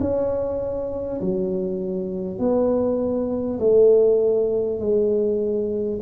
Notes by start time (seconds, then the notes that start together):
0.00 C#4
1.21 F#3
2.38 B3
3.59 A3
4.79 G#3